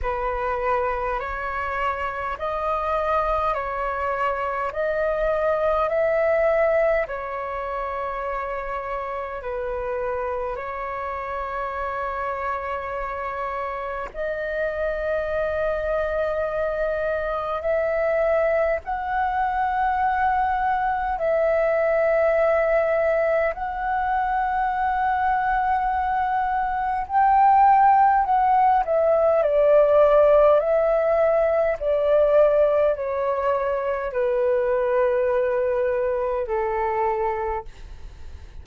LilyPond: \new Staff \with { instrumentName = "flute" } { \time 4/4 \tempo 4 = 51 b'4 cis''4 dis''4 cis''4 | dis''4 e''4 cis''2 | b'4 cis''2. | dis''2. e''4 |
fis''2 e''2 | fis''2. g''4 | fis''8 e''8 d''4 e''4 d''4 | cis''4 b'2 a'4 | }